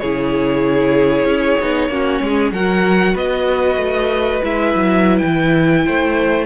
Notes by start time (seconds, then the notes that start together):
0.00 C#3 E4 G#4 C#5
1.25 C#4
1.62 B3 D#4
1.89 A#3 C#4 F#4
2.22 G#3 G#4
2.52 F#3 F#4 A#4 F#5
3.14 B3 B4 D#5
3.77 A3
4.43 G#3 E4 E5
4.75 F#3
5.19 E3 G5
5.86 A3 C5